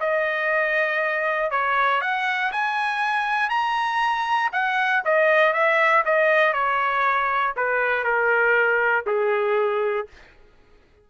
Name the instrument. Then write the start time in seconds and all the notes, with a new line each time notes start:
trumpet
0.00 D#5
1.51 C#5
2.01 F#5
2.52 G#5
3.50 A#5
4.52 F#5
5.05 D#5
5.53 E5
6.05 D#5
6.53 C#5
7.56 B4
8.04 A#4
9.06 G#4